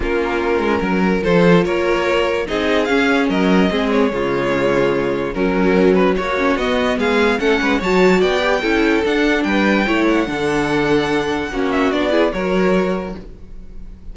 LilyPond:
<<
  \new Staff \with { instrumentName = "violin" } { \time 4/4 \tempo 4 = 146 ais'2. c''4 | cis''2 dis''4 f''4 | dis''4. cis''2~ cis''8~ | cis''4 ais'4. b'8 cis''4 |
dis''4 f''4 fis''4 a''4 | g''2 fis''4 g''4~ | g''8 fis''2.~ fis''8~ | fis''8 e''8 d''4 cis''2 | }
  \new Staff \with { instrumentName = "violin" } { \time 4/4 f'2 ais'4 a'4 | ais'2 gis'2 | ais'4 gis'4 f'2~ | f'4 cis'2 fis'4~ |
fis'4 gis'4 a'8 b'8 cis''4 | d''4 a'2 b'4 | cis''4 a'2. | fis'4. gis'8 ais'2 | }
  \new Staff \with { instrumentName = "viola" } { \time 4/4 cis'2. f'4~ | f'2 dis'4 cis'4~ | cis'4 c'4 gis2~ | gis4 fis2~ fis8 cis'8 |
b2 cis'4 fis'4~ | fis'8 g'8 e'4 d'2 | e'4 d'2. | cis'4 d'8 e'8 fis'2 | }
  \new Staff \with { instrumentName = "cello" } { \time 4/4 ais4. gis8 fis4 f4 | ais2 c'4 cis'4 | fis4 gis4 cis2~ | cis4 fis2 ais4 |
b4 gis4 a8 gis8 fis4 | b4 cis'4 d'4 g4 | a4 d2. | ais4 b4 fis2 | }
>>